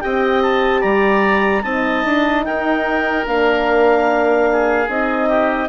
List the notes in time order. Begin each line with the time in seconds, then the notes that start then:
0.00 C4 G4 D#5 G5
0.42 A5
0.81 G3 D5 A#5
1.62 C4 D#4 D#5 A5
2.04 D4
2.44 D#4 A#4 G5
3.26 A#3 D4 F5
4.52 G#4
4.88 C4 D#4 D#5
5.29 G4